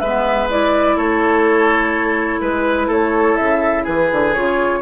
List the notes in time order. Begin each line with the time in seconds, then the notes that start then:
0.00 G#3 B3 B4 E5
0.50 E4 D5
0.96 A3 A4 C#5
2.41 G#3 B4
2.88 A3 A4 C#5
3.37 C#3 E5
3.83 E3 G#4 B4
4.12 D3
4.34 C#3 F4 C#5